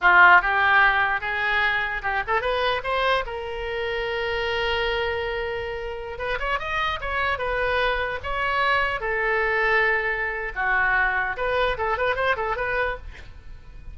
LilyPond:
\new Staff \with { instrumentName = "oboe" } { \time 4/4 \tempo 4 = 148 f'4 g'2 gis'4~ | gis'4 g'8 a'8 b'4 c''4 | ais'1~ | ais'2.~ ais'16 b'8 cis''16~ |
cis''16 dis''4 cis''4 b'4.~ b'16~ | b'16 cis''2 a'4.~ a'16~ | a'2 fis'2 | b'4 a'8 b'8 c''8 a'8 b'4 | }